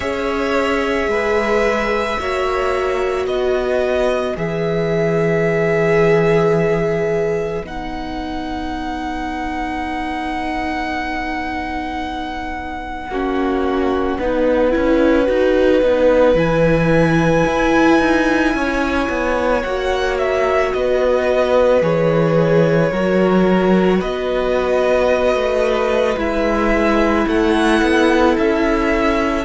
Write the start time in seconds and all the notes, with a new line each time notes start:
0.00 C#4 G#4 C#5 E5
1.07 G#3 B4
2.20 A#3 F#4 C#5
3.25 B3 B4 D#5
4.35 E3 G#4 E5
7.61 B3 D#4 F#5
13.09 A#3 C#4 F#4
14.17 B3 D#4 B4
14.70 C#4 E4
15.26 D#4 F#4
15.81 B3 D#4
16.35 E3 E4 G#5
17.46 E4
17.99 D#4
18.53 C#4 C#5
19.08 B3
19.62 A#3 F#4 F#5
20.18 E5
20.72 B3 B4 D#5
21.81 E3 G#4 C#5
22.91 F#3 F#4 A#4
23.99 B3 B4 D#5
25.34 A3
26.16 G#3 E4 E5
27.27 A3 A4 F#5
27.82 B3
28.37 C#4 E5